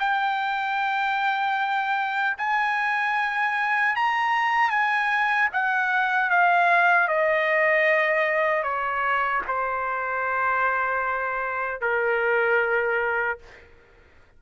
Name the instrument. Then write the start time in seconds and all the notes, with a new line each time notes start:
trumpet
0.00 G5
2.38 G#5
3.96 A#5
4.70 G#5
5.53 F#5
6.31 F5
7.08 D#5
8.63 C#5
9.48 C5
11.81 A#4